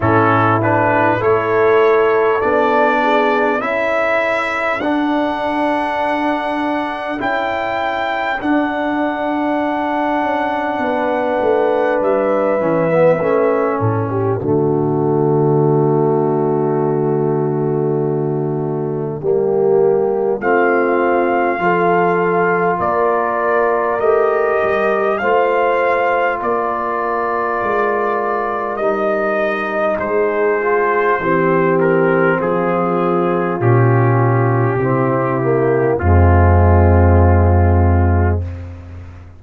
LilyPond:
<<
  \new Staff \with { instrumentName = "trumpet" } { \time 4/4 \tempo 4 = 50 a'8 b'8 cis''4 d''4 e''4 | fis''2 g''4 fis''4~ | fis''2 e''4. d''8~ | d''1~ |
d''4 f''2 d''4 | dis''4 f''4 d''2 | dis''4 c''4. ais'8 gis'4 | g'2 f'2 | }
  \new Staff \with { instrumentName = "horn" } { \time 4/4 e'4 a'4. gis'8 a'4~ | a'1~ | a'4 b'2~ b'8 a'16 g'16 | fis'1 |
g'4 f'4 a'4 ais'4~ | ais'4 c''4 ais'2~ | ais'4 gis'4 g'4 f'4~ | f'4 e'4 c'2 | }
  \new Staff \with { instrumentName = "trombone" } { \time 4/4 cis'8 d'8 e'4 d'4 e'4 | d'2 e'4 d'4~ | d'2~ d'8 cis'16 b16 cis'4 | a1 |
ais4 c'4 f'2 | g'4 f'2. | dis'4. f'8 c'2 | cis'4 c'8 ais8 gis2 | }
  \new Staff \with { instrumentName = "tuba" } { \time 4/4 a,4 a4 b4 cis'4 | d'2 cis'4 d'4~ | d'8 cis'8 b8 a8 g8 e8 a8 a,8 | d1 |
g4 a4 f4 ais4 | a8 g8 a4 ais4 gis4 | g4 gis4 e4 f4 | ais,4 c4 f,2 | }
>>